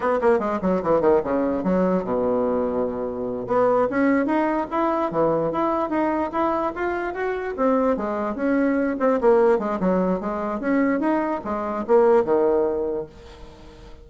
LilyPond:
\new Staff \with { instrumentName = "bassoon" } { \time 4/4 \tempo 4 = 147 b8 ais8 gis8 fis8 e8 dis8 cis4 | fis4 b,2.~ | b,8 b4 cis'4 dis'4 e'8~ | e'8 e4 e'4 dis'4 e'8~ |
e'8 f'4 fis'4 c'4 gis8~ | gis8 cis'4. c'8 ais4 gis8 | fis4 gis4 cis'4 dis'4 | gis4 ais4 dis2 | }